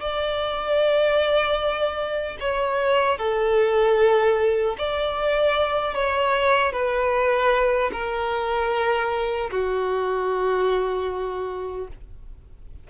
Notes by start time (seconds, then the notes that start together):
0.00 D5
2.40 C#5
3.18 A4
4.78 D5
5.94 C#5
6.72 B4
7.92 A#4
9.51 F#4